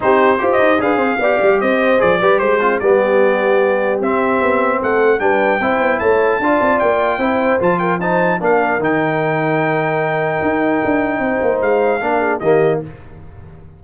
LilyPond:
<<
  \new Staff \with { instrumentName = "trumpet" } { \time 4/4 \tempo 4 = 150 c''4~ c''16 dis''8. f''2 | dis''4 d''4 c''4 d''4~ | d''2 e''2 | fis''4 g''2 a''4~ |
a''4 g''2 a''8 g''8 | a''4 f''4 g''2~ | g''1~ | g''4 f''2 dis''4 | }
  \new Staff \with { instrumentName = "horn" } { \time 4/4 g'4 c''4 b'8 c''8 d''4 | c''4. b'8 c''8 c'8 g'4~ | g'1 | a'4 b'4 c''4 cis''4 |
d''2 c''4. ais'8 | c''4 ais'2.~ | ais'1 | c''2 ais'8 gis'8 g'4 | }
  \new Staff \with { instrumentName = "trombone" } { \time 4/4 dis'4 g'4 gis'4 g'4~ | g'4 gis'8 g'4 f'8 b4~ | b2 c'2~ | c'4 d'4 e'2 |
f'2 e'4 f'4 | dis'4 d'4 dis'2~ | dis'1~ | dis'2 d'4 ais4 | }
  \new Staff \with { instrumentName = "tuba" } { \time 4/4 c'4 f'8 dis'8 d'8 c'8 b8 g8 | c'4 f8 g8 gis4 g4~ | g2 c'4 b4 | a4 g4 c'8 b8 a4 |
d'8 c'8 ais4 c'4 f4~ | f4 ais4 dis2~ | dis2 dis'4 d'4 | c'8 ais8 gis4 ais4 dis4 | }
>>